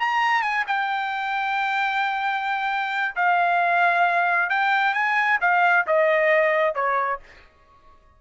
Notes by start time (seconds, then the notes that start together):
0.00 A#5
0.42 G#5
0.67 G5
3.16 F5
4.50 G5
4.94 G#5
5.41 F5
5.87 D#5
6.75 C#5